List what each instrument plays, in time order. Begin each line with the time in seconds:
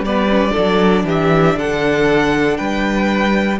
0.00 cello G3, viola B3, violin B4 D5
0.28 viola C#4
0.51 viola D4, violin A4
0.58 cello F#3
1.04 cello E3, violin G4 E5
1.56 cello D3, violin A4 F#5
2.57 cello G3, violin B4 G5